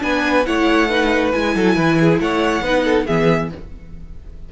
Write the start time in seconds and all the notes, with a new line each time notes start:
0.00 B3 D4 B4 G#5
0.46 A3 E4 C#5 F#5
0.89 D#4 B4
1.32 G#3 E4 G#5
1.55 F#3 A4
1.76 E3 B4
2.00 G#4
2.20 A3 C#5 F#5
2.61 B3 D#4 B4
2.84 A4
3.06 E3 B3 G#4 E5